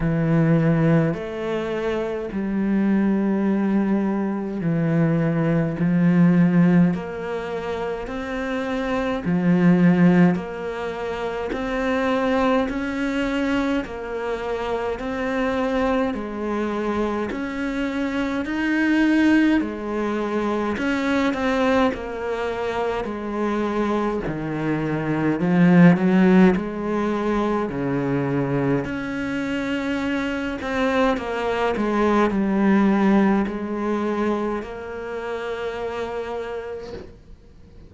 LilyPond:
\new Staff \with { instrumentName = "cello" } { \time 4/4 \tempo 4 = 52 e4 a4 g2 | e4 f4 ais4 c'4 | f4 ais4 c'4 cis'4 | ais4 c'4 gis4 cis'4 |
dis'4 gis4 cis'8 c'8 ais4 | gis4 dis4 f8 fis8 gis4 | cis4 cis'4. c'8 ais8 gis8 | g4 gis4 ais2 | }